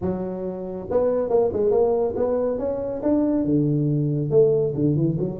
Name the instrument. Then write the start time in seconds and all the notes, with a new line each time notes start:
tuba
0.01 F#3
0.90 B3
1.29 A#3
1.52 G#3
1.71 A#3
2.16 B3
2.58 C#4
3.02 D4
3.44 D3
4.30 A3
4.74 D3
4.95 E3
5.19 F#3